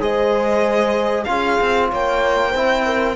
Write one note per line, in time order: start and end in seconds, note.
0.00 1.26 G#3
0.00 1.25 G#4
0.00 1.27 C5
0.00 1.24 D#5
1.24 1.60 C#4
1.24 2.52 F4
1.24 1.90 G#4
1.24 1.87 F5
1.61 1.92 C4
1.90 2.55 A#3
1.90 2.50 C#5
1.90 3.17 G5
2.50 3.17 C4
2.50 2.81 C5
2.56 3.17 E4
2.85 3.16 A#4